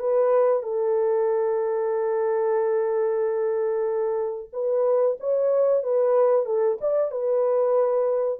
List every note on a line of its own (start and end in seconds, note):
0.00 0.63 B4
0.63 4.50 A4
4.53 5.18 B4
5.21 5.84 C#5
5.84 6.46 B4
6.46 6.79 A4
6.82 7.12 D5
7.12 8.40 B4